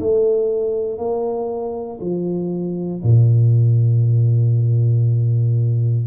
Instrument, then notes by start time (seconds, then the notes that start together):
tuba
0.00 A3
0.98 A#3
2.01 F3
3.03 A#2